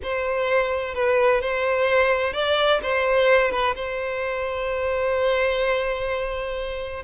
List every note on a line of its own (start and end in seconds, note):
0.03 0.94 C5
0.94 1.41 B4
1.41 2.33 C5
2.33 2.80 D5
2.82 3.51 C5
3.51 3.74 B4
3.75 7.03 C5